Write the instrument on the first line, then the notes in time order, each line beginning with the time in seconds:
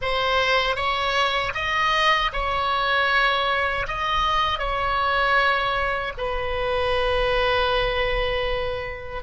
oboe
0.01 C5
0.76 C#5
1.54 D#5
2.33 C#5
3.87 D#5
4.58 C#5
6.17 B4